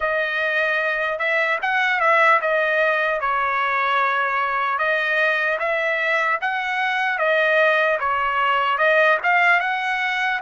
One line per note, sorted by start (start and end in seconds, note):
0.00 1.19 D#5
1.19 1.59 E5
1.62 2.00 F#5
2.00 2.40 E5
2.41 3.20 D#5
3.20 4.78 C#5
4.78 5.58 D#5
5.59 6.39 E5
6.41 7.18 F#5
7.18 7.98 D#5
7.99 8.78 C#5
8.78 9.18 D#5
9.23 9.60 F5
9.60 10.40 F#5